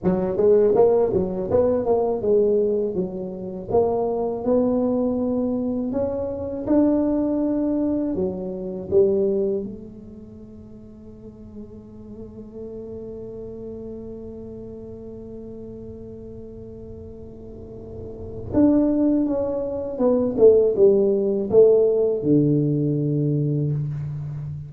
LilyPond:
\new Staff \with { instrumentName = "tuba" } { \time 4/4 \tempo 4 = 81 fis8 gis8 ais8 fis8 b8 ais8 gis4 | fis4 ais4 b2 | cis'4 d'2 fis4 | g4 a2.~ |
a1~ | a1~ | a4 d'4 cis'4 b8 a8 | g4 a4 d2 | }